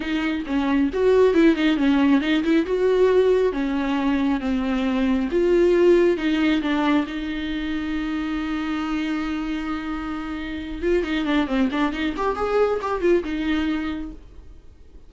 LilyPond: \new Staff \with { instrumentName = "viola" } { \time 4/4 \tempo 4 = 136 dis'4 cis'4 fis'4 e'8 dis'8 | cis'4 dis'8 e'8 fis'2 | cis'2 c'2 | f'2 dis'4 d'4 |
dis'1~ | dis'1~ | dis'8 f'8 dis'8 d'8 c'8 d'8 dis'8 g'8 | gis'4 g'8 f'8 dis'2 | }